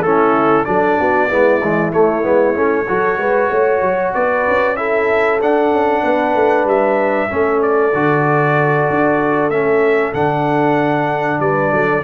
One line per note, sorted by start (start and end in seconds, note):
0.00 0.63 A3
0.00 0.65 C#4
0.00 0.66 E4
0.00 0.64 A4
0.64 0.99 F#3
0.64 1.28 D4
0.64 0.99 A4
0.64 1.91 D5
0.99 1.31 B3
0.99 1.27 F#4
1.27 1.61 G#3
1.27 1.61 B3
1.27 2.85 E4
1.61 1.92 E3
1.61 1.92 G#3
1.92 2.22 A3
1.92 2.24 A3
1.92 4.13 C#5
2.22 2.56 G#3
2.22 2.54 B3
2.54 2.87 A3
2.54 2.86 C#4
2.87 3.17 F#3
2.87 4.77 F#4
2.87 3.19 A4
3.17 3.49 G#3
3.17 3.50 B4
3.50 3.81 A3
3.50 4.13 C#5
3.81 4.12 F#3
4.13 4.46 B3
4.13 4.77 B4
4.13 4.76 D5
4.47 5.41 C#4
4.76 5.40 E4
4.76 6.02 A4
4.76 5.39 E5
5.40 7.29 D4
5.40 5.71 D4
5.40 6.68 F#5
5.71 6.02 C#4
6.02 6.35 B3
6.02 7.28 B4
6.35 6.64 A3
6.64 7.27 G3
6.64 7.61 E5
7.29 7.93 A3
7.29 7.92 C#4
7.29 11.40 A4
7.61 9.50 D5
7.93 8.88 D3
7.93 9.51 F#4
8.89 9.49 D4
9.49 10.12 A3
9.49 10.14 C#4
9.49 10.13 E5
10.13 11.39 D3
10.13 12.03 D4
10.13 11.40 F#5
11.39 11.71 G3
11.39 11.73 B4
11.39 12.03 D5
11.71 12.03 F#3
11.71 12.03 A4